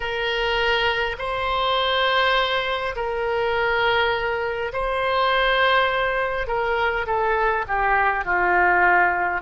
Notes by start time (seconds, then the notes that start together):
0.00 A#4
1.18 C5
2.95 A#4
4.73 C5
6.47 A#4
7.06 A4
7.67 G4
8.24 F4